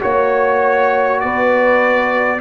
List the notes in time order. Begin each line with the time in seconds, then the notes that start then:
0.00 A#3 F#4 C#5
1.20 B3 B4 D5